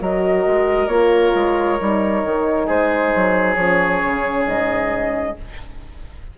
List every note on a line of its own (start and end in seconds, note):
0.00 0.45 F#3
0.00 0.90 F#4
0.00 2.66 A#4
0.00 0.88 D#5
0.47 0.87 G#3
0.87 1.32 A#3
0.87 1.78 F4
0.87 2.67 C#5
1.34 1.79 G#3
1.78 2.24 G3
1.78 3.57 D#4
2.24 2.68 D#3
2.66 3.13 G#3
2.66 5.35 G#4
2.66 3.54 C5
3.15 3.57 F#3
3.54 4.01 F3
3.54 5.38 C#4
3.54 4.44 C#5
4.04 4.46 C#3
4.46 5.36 G#2
4.46 5.36 D#5